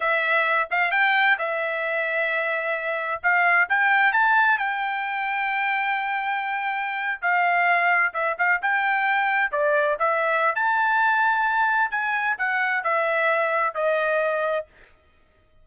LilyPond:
\new Staff \with { instrumentName = "trumpet" } { \time 4/4 \tempo 4 = 131 e''4. f''8 g''4 e''4~ | e''2. f''4 | g''4 a''4 g''2~ | g''2.~ g''8. f''16~ |
f''4.~ f''16 e''8 f''8 g''4~ g''16~ | g''8. d''4 e''4~ e''16 a''4~ | a''2 gis''4 fis''4 | e''2 dis''2 | }